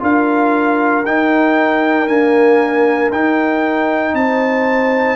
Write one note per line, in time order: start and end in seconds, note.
0.00 1.06 D4
0.00 1.03 F4
0.00 4.16 A#4
0.00 1.06 F5
1.06 2.08 D#4
1.06 2.08 G5
2.08 3.11 A#3
2.08 3.12 D4
2.08 3.11 G#5
3.12 4.14 D#4
3.12 5.17 D#4
3.12 4.16 G5
4.14 5.17 C4
4.14 5.17 C5
4.14 5.17 A5